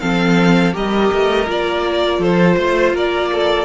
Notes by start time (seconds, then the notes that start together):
0.00 F3 C4 A4 F5
0.73 G3 G4 A#4 D#5
1.13 A3
1.47 A#3 F4 D5
2.19 F3 A4 C5
2.56 A3 C5
2.94 A#3 A#4 D5
3.33 A4